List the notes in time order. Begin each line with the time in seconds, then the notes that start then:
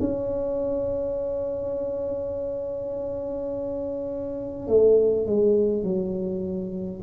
0.00 C#4
4.68 A3
5.27 G#3
5.84 F#3